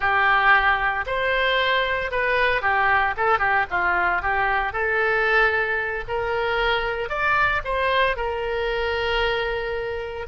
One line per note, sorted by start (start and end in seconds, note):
0.00 1.05 G4
1.06 2.11 C5
2.11 2.61 B4
2.61 3.14 G4
3.16 3.38 A4
3.38 3.65 G4
3.70 4.22 F4
4.22 4.72 G4
4.72 6.04 A4
6.08 7.09 A#4
7.09 7.61 D5
7.64 8.16 C5
8.16 10.27 A#4